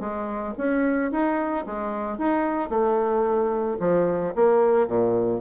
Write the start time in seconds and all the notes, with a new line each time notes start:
0.00 G#3
0.57 C#4
1.11 D#4
1.66 G#3
2.18 D#4
2.70 A3
3.80 F3
4.35 A#3
4.87 A#2